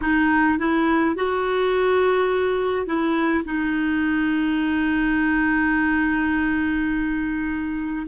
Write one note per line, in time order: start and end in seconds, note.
0.01 0.58 D#4
0.58 1.15 E4
1.15 2.86 F#4
2.86 3.44 E4
3.45 8.06 D#4